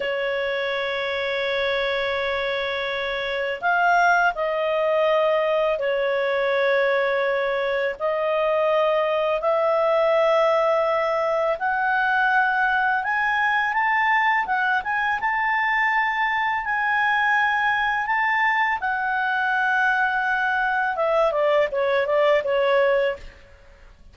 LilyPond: \new Staff \with { instrumentName = "clarinet" } { \time 4/4 \tempo 4 = 83 cis''1~ | cis''4 f''4 dis''2 | cis''2. dis''4~ | dis''4 e''2. |
fis''2 gis''4 a''4 | fis''8 gis''8 a''2 gis''4~ | gis''4 a''4 fis''2~ | fis''4 e''8 d''8 cis''8 d''8 cis''4 | }